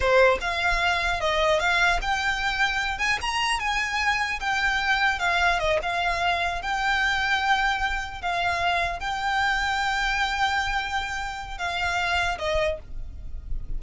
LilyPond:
\new Staff \with { instrumentName = "violin" } { \time 4/4 \tempo 4 = 150 c''4 f''2 dis''4 | f''4 g''2~ g''8 gis''8 | ais''4 gis''2 g''4~ | g''4 f''4 dis''8 f''4.~ |
f''8 g''2.~ g''8~ | g''8 f''2 g''4.~ | g''1~ | g''4 f''2 dis''4 | }